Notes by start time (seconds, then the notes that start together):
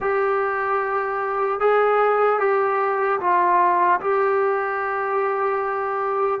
0.00 G4
1.60 G#4
2.39 G4
3.20 F4
4.00 G4